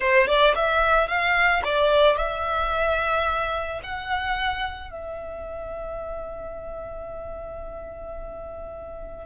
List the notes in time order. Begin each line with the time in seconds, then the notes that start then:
0.00 C5
0.27 D5
0.55 E5
1.08 F5
1.64 D5
2.17 E5
3.83 F#5
4.90 E5